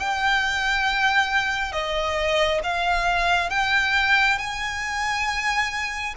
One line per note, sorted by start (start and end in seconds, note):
0.00 1.73 G5
1.73 2.61 D#5
2.64 3.51 F5
3.51 4.39 G5
4.39 6.15 G#5